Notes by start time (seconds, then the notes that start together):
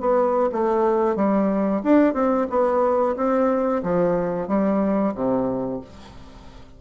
0.00 B3
0.52 A3
1.16 G3
1.83 D4
2.14 C4
2.49 B3
3.16 C4
3.83 F3
4.48 G3
5.14 C3